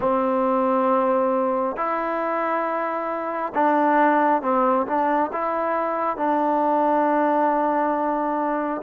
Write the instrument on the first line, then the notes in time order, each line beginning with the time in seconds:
trombone
0.00 C4
1.76 E4
3.54 D4
4.42 C4
4.86 D4
5.32 E4
6.16 D4